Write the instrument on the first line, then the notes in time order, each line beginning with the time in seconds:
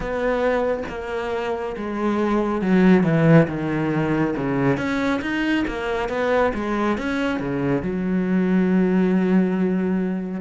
cello
0.00 B3
0.89 A#3
1.76 G#3
2.61 F#3
3.03 E3
3.47 D#3
4.36 C#3
4.77 C#4
5.21 D#4
5.67 A#3
6.09 B3
6.54 G#3
6.97 C#4
7.39 C#3
7.82 F#3